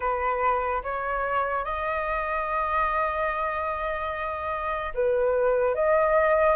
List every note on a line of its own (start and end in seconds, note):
0.00 0.82 B4
0.83 1.64 C#5
1.64 4.93 D#5
4.94 5.75 B4
5.75 6.56 D#5